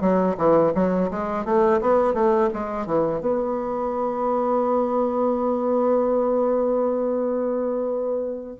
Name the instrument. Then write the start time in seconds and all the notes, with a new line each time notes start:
bassoon
0.00 F#3
0.37 E3
0.74 F#3
1.10 G#3
1.44 A3
1.81 B3
2.13 A3
2.53 G#3
2.86 E3
3.20 B3